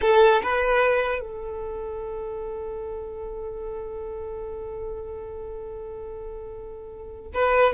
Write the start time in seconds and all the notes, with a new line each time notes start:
0.01 A4
0.42 B4
1.20 A4
7.34 B4